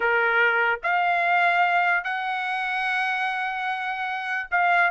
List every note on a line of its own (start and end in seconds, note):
0.00 0.80 A#4
0.83 2.03 F5
2.03 4.48 F#5
4.50 4.90 F5